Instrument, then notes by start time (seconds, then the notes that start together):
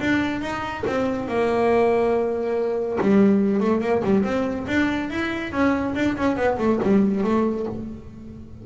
double bass
0.00 D4
0.41 D#4
0.86 C4
1.28 A#3
3.01 G3
3.60 A3
3.81 A#3
4.04 G3
4.23 C4
4.67 D4
5.10 E4
5.52 C#4
5.95 D4
6.17 C#4
6.36 B3
6.58 A3
6.83 G3
7.23 A3